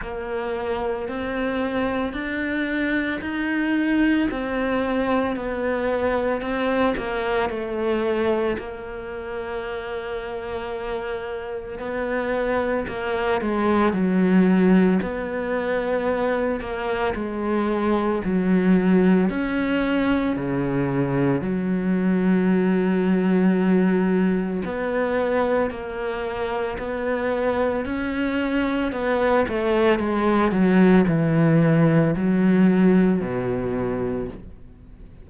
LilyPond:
\new Staff \with { instrumentName = "cello" } { \time 4/4 \tempo 4 = 56 ais4 c'4 d'4 dis'4 | c'4 b4 c'8 ais8 a4 | ais2. b4 | ais8 gis8 fis4 b4. ais8 |
gis4 fis4 cis'4 cis4 | fis2. b4 | ais4 b4 cis'4 b8 a8 | gis8 fis8 e4 fis4 b,4 | }